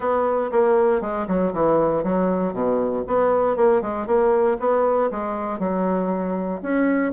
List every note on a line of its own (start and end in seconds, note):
0.00 0.50 B3
0.51 1.01 A#3
1.01 1.26 G#3
1.27 1.53 F#3
1.53 2.03 E3
2.03 2.53 F#3
2.53 3.03 B2
3.07 3.56 B3
3.56 3.81 A#3
3.81 4.07 G#3
4.07 4.57 A#3
4.59 5.10 B3
5.10 5.59 G#3
5.59 6.61 F#3
6.62 7.12 C#4